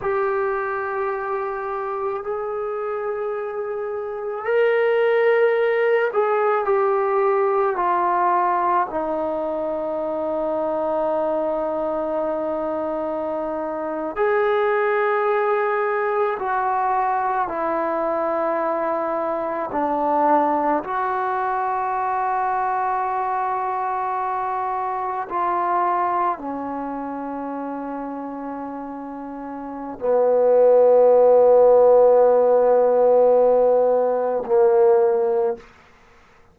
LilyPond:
\new Staff \with { instrumentName = "trombone" } { \time 4/4 \tempo 4 = 54 g'2 gis'2 | ais'4. gis'8 g'4 f'4 | dis'1~ | dis'8. gis'2 fis'4 e'16~ |
e'4.~ e'16 d'4 fis'4~ fis'16~ | fis'2~ fis'8. f'4 cis'16~ | cis'2. b4~ | b2. ais4 | }